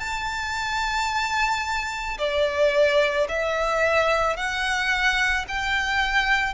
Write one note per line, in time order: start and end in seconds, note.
0.00 2.18 A5
2.19 3.28 D5
3.29 4.37 E5
4.37 5.46 F#5
5.48 6.54 G5